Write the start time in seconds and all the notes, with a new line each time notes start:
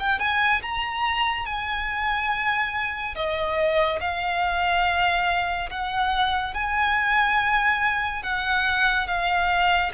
0.00 G5
0.20 G#5
0.62 A#5
1.46 G#5
3.15 D#5
4.01 F5
5.70 F#5
6.55 G#5
8.23 F#5
9.08 F5